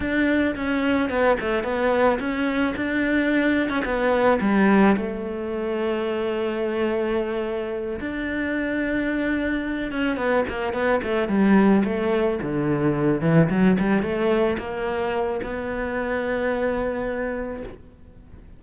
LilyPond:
\new Staff \with { instrumentName = "cello" } { \time 4/4 \tempo 4 = 109 d'4 cis'4 b8 a8 b4 | cis'4 d'4.~ d'16 cis'16 b4 | g4 a2.~ | a2~ a8 d'4.~ |
d'2 cis'8 b8 ais8 b8 | a8 g4 a4 d4. | e8 fis8 g8 a4 ais4. | b1 | }